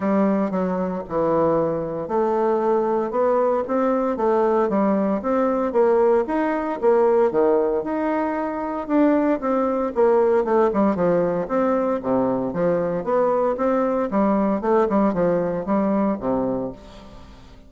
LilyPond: \new Staff \with { instrumentName = "bassoon" } { \time 4/4 \tempo 4 = 115 g4 fis4 e2 | a2 b4 c'4 | a4 g4 c'4 ais4 | dis'4 ais4 dis4 dis'4~ |
dis'4 d'4 c'4 ais4 | a8 g8 f4 c'4 c4 | f4 b4 c'4 g4 | a8 g8 f4 g4 c4 | }